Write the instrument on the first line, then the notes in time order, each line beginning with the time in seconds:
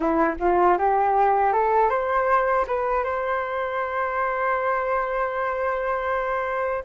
flute
0.00 E4
0.39 F4
0.78 G4
1.52 A4
1.90 C5
2.67 B4
3.03 C5